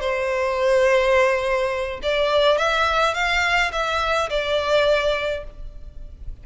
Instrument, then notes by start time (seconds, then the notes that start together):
violin
0.00 C5
2.02 D5
2.58 E5
3.14 F5
3.72 E5
4.29 D5